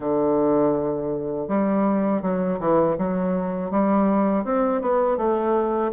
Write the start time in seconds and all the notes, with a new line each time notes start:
0.00 D3
1.48 G3
2.22 F#3
2.59 E3
2.98 F#3
3.70 G3
4.44 C4
4.81 B3
5.17 A3